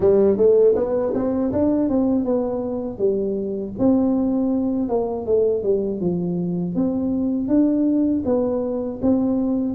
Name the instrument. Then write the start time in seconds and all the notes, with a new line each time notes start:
tuba
0.00 G3
0.37 A3
0.75 B3
1.14 C4
1.52 D4
1.89 C4
2.24 B3
2.98 G3
3.78 C4
4.88 A#3
5.26 A3
5.62 G3
6.00 F3
6.75 C4
7.48 D4
8.25 B3
9.02 C4